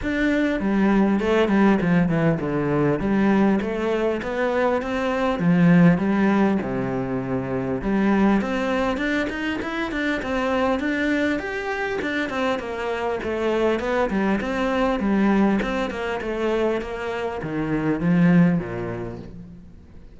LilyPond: \new Staff \with { instrumentName = "cello" } { \time 4/4 \tempo 4 = 100 d'4 g4 a8 g8 f8 e8 | d4 g4 a4 b4 | c'4 f4 g4 c4~ | c4 g4 c'4 d'8 dis'8 |
e'8 d'8 c'4 d'4 g'4 | d'8 c'8 ais4 a4 b8 g8 | c'4 g4 c'8 ais8 a4 | ais4 dis4 f4 ais,4 | }